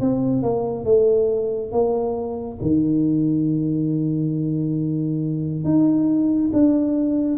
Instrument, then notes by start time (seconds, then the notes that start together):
tuba
0.00 C4
0.43 A#3
0.85 A3
1.72 A#3
2.61 D#3
5.64 D#4
6.53 D4